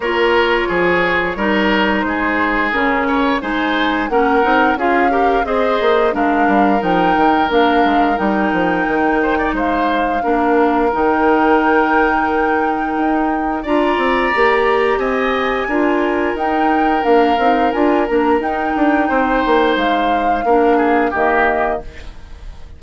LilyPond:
<<
  \new Staff \with { instrumentName = "flute" } { \time 4/4 \tempo 4 = 88 cis''2. c''4 | ais'4 gis''4 fis''4 f''4 | dis''4 f''4 g''4 f''4 | g''2 f''2 |
g''1 | ais''2 gis''2 | g''4 f''4 gis''8 ais''8 g''4~ | g''4 f''2 dis''4 | }
  \new Staff \with { instrumentName = "oboe" } { \time 4/4 ais'4 gis'4 ais'4 gis'4~ | gis'8 cis''8 c''4 ais'4 gis'8 ais'8 | c''4 ais'2.~ | ais'4. c''16 d''16 c''4 ais'4~ |
ais'1 | d''2 dis''4 ais'4~ | ais'1 | c''2 ais'8 gis'8 g'4 | }
  \new Staff \with { instrumentName = "clarinet" } { \time 4/4 f'2 dis'2 | cis'4 dis'4 cis'8 dis'8 f'8 g'8 | gis'4 d'4 dis'4 d'4 | dis'2. d'4 |
dis'1 | f'4 g'2 f'4 | dis'4 d'8 dis'8 f'8 d'8 dis'4~ | dis'2 d'4 ais4 | }
  \new Staff \with { instrumentName = "bassoon" } { \time 4/4 ais4 f4 g4 gis4 | cis4 gis4 ais8 c'8 cis'4 | c'8 ais8 gis8 g8 f8 dis8 ais8 gis8 | g8 f8 dis4 gis4 ais4 |
dis2. dis'4 | d'8 c'8 ais4 c'4 d'4 | dis'4 ais8 c'8 d'8 ais8 dis'8 d'8 | c'8 ais8 gis4 ais4 dis4 | }
>>